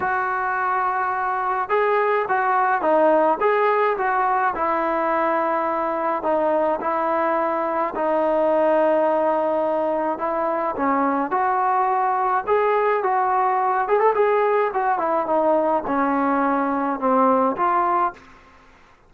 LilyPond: \new Staff \with { instrumentName = "trombone" } { \time 4/4 \tempo 4 = 106 fis'2. gis'4 | fis'4 dis'4 gis'4 fis'4 | e'2. dis'4 | e'2 dis'2~ |
dis'2 e'4 cis'4 | fis'2 gis'4 fis'4~ | fis'8 gis'16 a'16 gis'4 fis'8 e'8 dis'4 | cis'2 c'4 f'4 | }